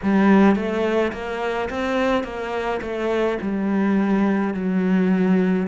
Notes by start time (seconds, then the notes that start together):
0.03 G3
0.55 A3
1.12 A#3
1.69 C4
2.23 A#3
2.81 A3
3.41 G3
4.53 F#3